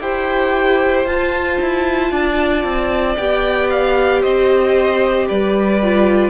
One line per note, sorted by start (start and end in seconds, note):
0.00 1.05 E4
0.00 1.06 G4
0.00 2.11 C5
0.00 1.06 G5
1.05 1.58 F4
1.05 3.18 F4
1.05 3.16 A5
1.61 2.11 E4
2.11 2.64 D4
2.11 4.21 D5
2.64 3.16 C4
3.16 4.23 B3
3.16 5.81 G4
3.16 3.68 G5
3.70 4.22 F5
4.21 5.29 C4
4.21 5.27 C5
4.21 5.27 D#5
5.28 6.29 G3
5.28 6.29 B4
5.28 6.29 D5
5.82 6.29 F4